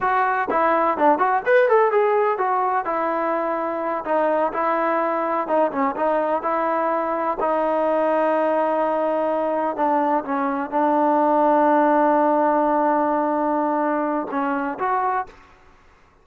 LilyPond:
\new Staff \with { instrumentName = "trombone" } { \time 4/4 \tempo 4 = 126 fis'4 e'4 d'8 fis'8 b'8 a'8 | gis'4 fis'4 e'2~ | e'8 dis'4 e'2 dis'8 | cis'8 dis'4 e'2 dis'8~ |
dis'1~ | dis'8 d'4 cis'4 d'4.~ | d'1~ | d'2 cis'4 fis'4 | }